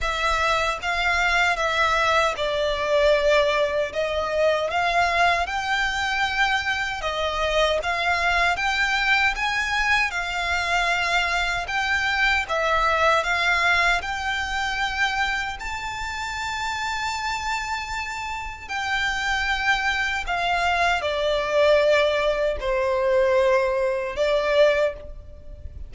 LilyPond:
\new Staff \with { instrumentName = "violin" } { \time 4/4 \tempo 4 = 77 e''4 f''4 e''4 d''4~ | d''4 dis''4 f''4 g''4~ | g''4 dis''4 f''4 g''4 | gis''4 f''2 g''4 |
e''4 f''4 g''2 | a''1 | g''2 f''4 d''4~ | d''4 c''2 d''4 | }